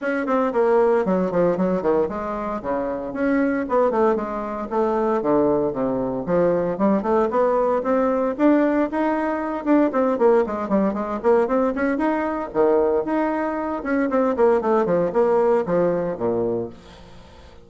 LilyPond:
\new Staff \with { instrumentName = "bassoon" } { \time 4/4 \tempo 4 = 115 cis'8 c'8 ais4 fis8 f8 fis8 dis8 | gis4 cis4 cis'4 b8 a8 | gis4 a4 d4 c4 | f4 g8 a8 b4 c'4 |
d'4 dis'4. d'8 c'8 ais8 | gis8 g8 gis8 ais8 c'8 cis'8 dis'4 | dis4 dis'4. cis'8 c'8 ais8 | a8 f8 ais4 f4 ais,4 | }